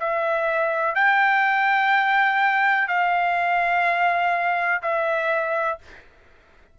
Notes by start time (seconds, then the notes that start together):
0.00 E5
0.95 G5
2.88 F5
4.82 E5